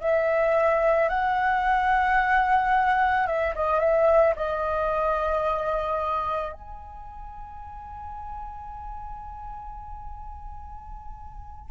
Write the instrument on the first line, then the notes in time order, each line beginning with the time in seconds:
flute
0.00 E5
1.09 F#5
3.26 E5
3.55 D#5
3.79 E5
4.36 D#5
6.53 G#5